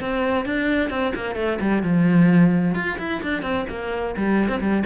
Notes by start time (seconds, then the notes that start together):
0.00 C4
0.45 D4
0.90 C4
1.15 A#3
1.36 A3
1.61 G3
1.83 F3
2.75 F4
2.99 E4
3.23 D4
3.42 C4
3.69 A#3
4.17 G3
4.49 C4
4.60 G3